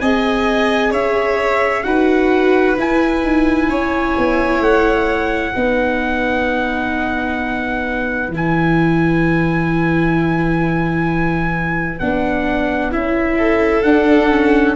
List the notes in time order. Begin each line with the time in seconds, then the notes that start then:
0.00 C4 G#4 D#5 G#5
0.91 C#4 C#5 E5
1.83 D#4 F#4 B4 F#5
2.77 E4 G#5
3.23 D#4
3.69 C#4 C#5
4.18 B3
4.60 A3 F#5
5.52 B3 D#4 B4
8.28 E3 E4
8.36 G#5
11.99 B3 D4 F#5
12.91 C#4 E4 E5
13.38 A4
13.82 D4 F#5
14.30 C#4